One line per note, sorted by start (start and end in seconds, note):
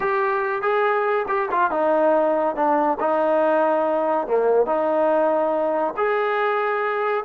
0.00 0.62 G4
0.62 1.26 G#4
1.27 1.49 G4
1.51 1.70 F4
1.70 2.55 D#4
2.55 2.98 D4
3.00 4.27 D#4
4.27 4.66 A#3
4.66 5.93 D#4
5.97 7.24 G#4